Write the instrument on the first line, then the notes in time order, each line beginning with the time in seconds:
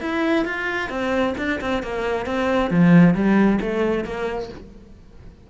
cello
0.00 E4
0.45 F4
0.89 C4
1.37 D4
1.60 C4
1.83 A#3
2.26 C4
2.70 F3
3.14 G3
3.61 A3
4.04 A#3